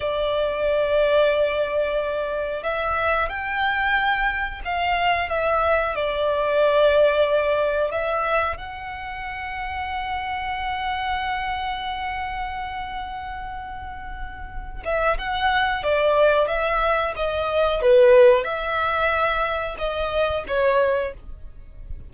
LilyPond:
\new Staff \with { instrumentName = "violin" } { \time 4/4 \tempo 4 = 91 d''1 | e''4 g''2 f''4 | e''4 d''2. | e''4 fis''2.~ |
fis''1~ | fis''2~ fis''8 e''8 fis''4 | d''4 e''4 dis''4 b'4 | e''2 dis''4 cis''4 | }